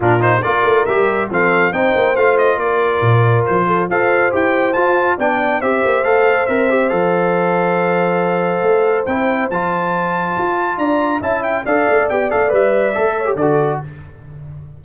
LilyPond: <<
  \new Staff \with { instrumentName = "trumpet" } { \time 4/4 \tempo 4 = 139 ais'8 c''8 d''4 e''4 f''4 | g''4 f''8 dis''8 d''2 | c''4 f''4 g''4 a''4 | g''4 e''4 f''4 e''4 |
f''1~ | f''4 g''4 a''2~ | a''4 ais''4 a''8 g''8 f''4 | g''8 f''8 e''2 d''4 | }
  \new Staff \with { instrumentName = "horn" } { \time 4/4 f'4 ais'2 a'4 | c''2 ais'2~ | ais'8 a'8 c''2. | d''4 c''2.~ |
c''1~ | c''1~ | c''4 d''4 e''4 d''4~ | d''2~ d''8 cis''8 a'4 | }
  \new Staff \with { instrumentName = "trombone" } { \time 4/4 d'8 dis'8 f'4 g'4 c'4 | dis'4 f'2.~ | f'4 a'4 g'4 f'4 | d'4 g'4 a'4 ais'8 g'8 |
a'1~ | a'4 e'4 f'2~ | f'2 e'4 a'4 | g'8 a'8 b'4 a'8. g'16 fis'4 | }
  \new Staff \with { instrumentName = "tuba" } { \time 4/4 ais,4 ais8 a8 g4 f4 | c'8 ais8 a4 ais4 ais,4 | f4 f'4 e'4 f'4 | b4 c'8 ais8 a4 c'4 |
f1 | a4 c'4 f2 | f'4 d'4 cis'4 d'8 a8 | b8 a8 g4 a4 d4 | }
>>